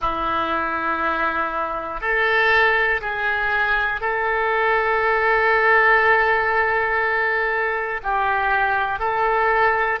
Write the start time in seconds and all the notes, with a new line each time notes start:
0.01 E4
2.00 A4
3.01 G#4
4.00 A4
8.03 G4
8.99 A4